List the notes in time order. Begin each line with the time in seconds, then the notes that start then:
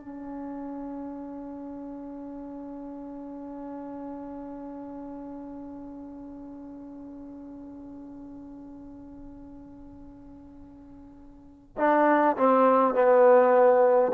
0.00 C#4
11.78 D4
12.36 C4
12.95 B3